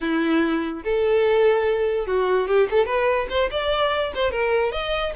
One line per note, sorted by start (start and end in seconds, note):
0.01 0.83 E4
0.83 2.07 A4
2.07 2.47 F#4
2.47 2.68 G4
2.70 2.86 A4
2.86 3.27 B4
3.29 3.50 C5
3.50 4.12 D5
4.14 4.31 C5
4.31 4.71 A#4
4.71 5.13 D#5